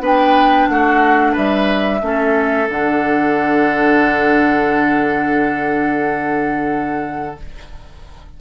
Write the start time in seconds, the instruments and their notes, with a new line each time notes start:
0.00 bassoon B3, clarinet D4, oboe B4, flute G5
0.68 bassoon A3, oboe F#4, flute F#5
1.32 bassoon G3, oboe B4, flute E5
2.01 bassoon A3, clarinet C#4
2.07 oboe A4
2.69 bassoon D3, clarinet D4, flute F#5